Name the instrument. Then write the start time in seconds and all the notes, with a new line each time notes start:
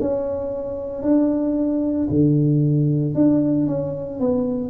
tuba
0.00 C#4
1.02 D4
2.09 D3
3.14 D4
3.67 C#4
4.19 B3